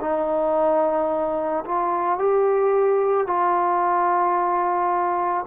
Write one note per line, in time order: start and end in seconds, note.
0.00 1.64 D#4
1.65 2.18 F4
2.18 3.27 G4
3.27 5.45 F4